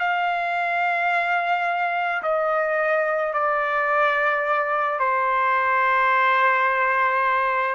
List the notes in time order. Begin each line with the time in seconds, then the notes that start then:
0.00 F5
2.22 D#5
3.33 D5
4.99 C5